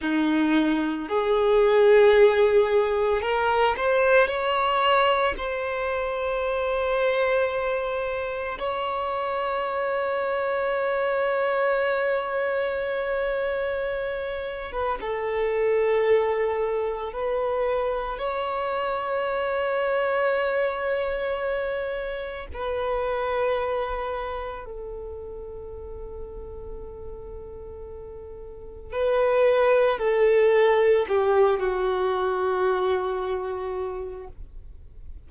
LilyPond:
\new Staff \with { instrumentName = "violin" } { \time 4/4 \tempo 4 = 56 dis'4 gis'2 ais'8 c''8 | cis''4 c''2. | cis''1~ | cis''4.~ cis''16 b'16 a'2 |
b'4 cis''2.~ | cis''4 b'2 a'4~ | a'2. b'4 | a'4 g'8 fis'2~ fis'8 | }